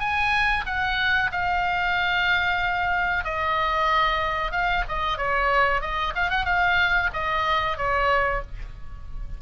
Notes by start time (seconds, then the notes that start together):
0.00 G#5
0.66 F#5
1.32 F5
3.25 D#5
4.52 F5
4.88 D#5
5.18 C#5
5.81 D#5
6.16 F5
6.30 F#5
6.45 F5
7.13 D#5
7.77 C#5